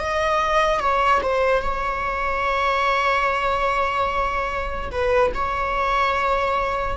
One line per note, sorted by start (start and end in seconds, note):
0.00 0.80 D#5
0.80 1.21 C#5
1.23 1.63 C5
1.63 4.91 C#5
4.92 5.33 B4
5.35 6.98 C#5